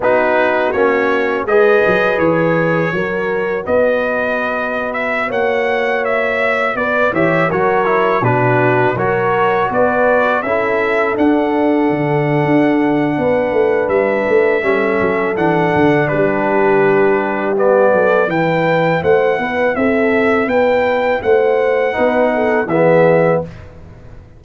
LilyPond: <<
  \new Staff \with { instrumentName = "trumpet" } { \time 4/4 \tempo 4 = 82 b'4 cis''4 dis''4 cis''4~ | cis''4 dis''4.~ dis''16 e''8 fis''8.~ | fis''16 e''4 d''8 e''8 cis''4 b'8.~ | b'16 cis''4 d''4 e''4 fis''8.~ |
fis''2. e''4~ | e''4 fis''4 b'2 | d''4 g''4 fis''4 e''4 | g''4 fis''2 e''4 | }
  \new Staff \with { instrumentName = "horn" } { \time 4/4 fis'2 b'2 | ais'4 b'2~ b'16 cis''8.~ | cis''4~ cis''16 b'8 cis''8 ais'4 fis'8.~ | fis'16 ais'4 b'4 a'4.~ a'16~ |
a'2 b'2 | a'2 g'2~ | g'8 a'8 b'4 c''8 b'8 a'4 | b'4 c''4 b'8 a'8 gis'4 | }
  \new Staff \with { instrumentName = "trombone" } { \time 4/4 dis'4 cis'4 gis'2 | fis'1~ | fis'4.~ fis'16 g'8 fis'8 e'8 d'8.~ | d'16 fis'2 e'4 d'8.~ |
d'1 | cis'4 d'2. | b4 e'2.~ | e'2 dis'4 b4 | }
  \new Staff \with { instrumentName = "tuba" } { \time 4/4 b4 ais4 gis8 fis8 e4 | fis4 b2~ b16 ais8.~ | ais4~ ais16 b8 e8 fis4 b,8.~ | b,16 fis4 b4 cis'4 d'8.~ |
d'16 d8. d'4 b8 a8 g8 a8 | g8 fis8 e8 d8 g2~ | g8 fis8 e4 a8 b8 c'4 | b4 a4 b4 e4 | }
>>